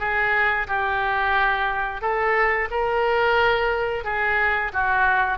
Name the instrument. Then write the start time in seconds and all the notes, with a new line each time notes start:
oboe
0.00 G#4
0.68 G4
2.02 A4
2.71 A#4
4.05 G#4
4.73 F#4